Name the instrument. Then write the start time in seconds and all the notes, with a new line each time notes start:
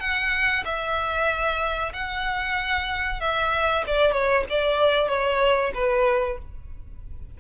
violin
0.00 F#5
0.65 E5
1.94 F#5
3.20 E5
3.87 D5
4.12 C#5
4.50 D5
5.09 C#5
5.74 B4